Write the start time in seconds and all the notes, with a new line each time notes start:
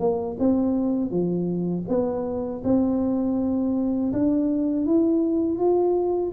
0.00 A#3
0.39 C4
1.11 F3
1.89 B3
2.64 C4
4.13 D4
4.86 E4
5.59 F4